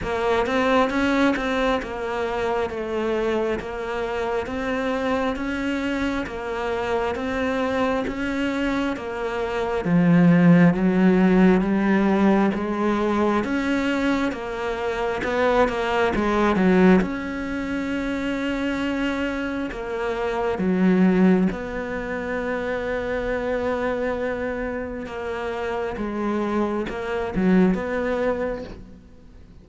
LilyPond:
\new Staff \with { instrumentName = "cello" } { \time 4/4 \tempo 4 = 67 ais8 c'8 cis'8 c'8 ais4 a4 | ais4 c'4 cis'4 ais4 | c'4 cis'4 ais4 f4 | fis4 g4 gis4 cis'4 |
ais4 b8 ais8 gis8 fis8 cis'4~ | cis'2 ais4 fis4 | b1 | ais4 gis4 ais8 fis8 b4 | }